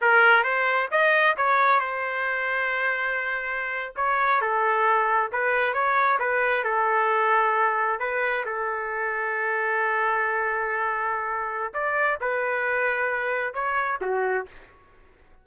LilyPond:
\new Staff \with { instrumentName = "trumpet" } { \time 4/4 \tempo 4 = 133 ais'4 c''4 dis''4 cis''4 | c''1~ | c''8. cis''4 a'2 b'16~ | b'8. cis''4 b'4 a'4~ a'16~ |
a'4.~ a'16 b'4 a'4~ a'16~ | a'1~ | a'2 d''4 b'4~ | b'2 cis''4 fis'4 | }